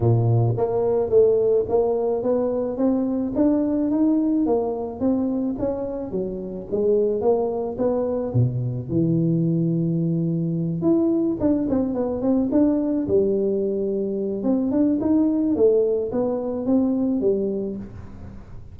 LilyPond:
\new Staff \with { instrumentName = "tuba" } { \time 4/4 \tempo 4 = 108 ais,4 ais4 a4 ais4 | b4 c'4 d'4 dis'4 | ais4 c'4 cis'4 fis4 | gis4 ais4 b4 b,4 |
e2.~ e8 e'8~ | e'8 d'8 c'8 b8 c'8 d'4 g8~ | g2 c'8 d'8 dis'4 | a4 b4 c'4 g4 | }